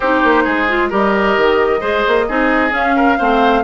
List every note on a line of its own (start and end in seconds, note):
0.00 0.23 C4
0.00 0.68 D#4
0.00 0.43 G4
0.00 0.90 C5
0.23 0.46 A#3
0.43 0.91 G#3
0.43 0.89 G#4
0.68 0.90 F4
0.89 1.36 G3
0.89 1.80 G4
0.89 1.80 A#4
0.89 2.74 D#5
1.36 1.81 D#3
1.80 2.04 G#3
1.80 2.25 G#4
1.80 2.25 C5
2.07 2.29 A#3
2.28 2.71 C4
2.28 2.70 D#4
2.28 2.96 G#4
2.70 3.15 C#4
2.70 3.16 C#4
2.70 3.63 F5
2.96 3.18 A#4
3.18 3.63 A3
3.18 3.63 C4
3.18 3.63 C5